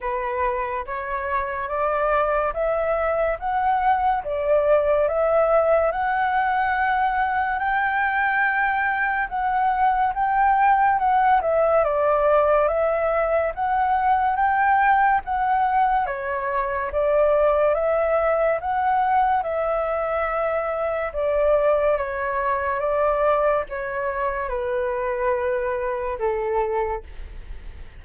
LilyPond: \new Staff \with { instrumentName = "flute" } { \time 4/4 \tempo 4 = 71 b'4 cis''4 d''4 e''4 | fis''4 d''4 e''4 fis''4~ | fis''4 g''2 fis''4 | g''4 fis''8 e''8 d''4 e''4 |
fis''4 g''4 fis''4 cis''4 | d''4 e''4 fis''4 e''4~ | e''4 d''4 cis''4 d''4 | cis''4 b'2 a'4 | }